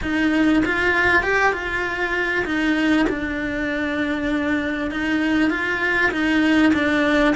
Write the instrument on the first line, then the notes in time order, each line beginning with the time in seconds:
cello
0.01 D#4
0.65 F4
1.22 G4
1.53 F4
2.45 D#4
3.09 D4
4.91 D#4
5.49 F4
6.11 D#4
6.73 D4